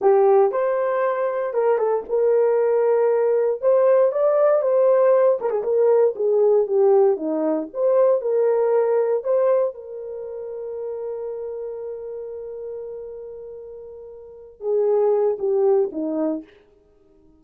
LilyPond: \new Staff \with { instrumentName = "horn" } { \time 4/4 \tempo 4 = 117 g'4 c''2 ais'8 a'8 | ais'2. c''4 | d''4 c''4. ais'16 gis'16 ais'4 | gis'4 g'4 dis'4 c''4 |
ais'2 c''4 ais'4~ | ais'1~ | ais'1~ | ais'8 gis'4. g'4 dis'4 | }